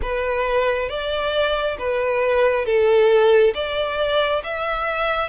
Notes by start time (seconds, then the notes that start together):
0.02 B4
0.89 D5
1.78 B4
2.65 A4
3.54 D5
4.43 E5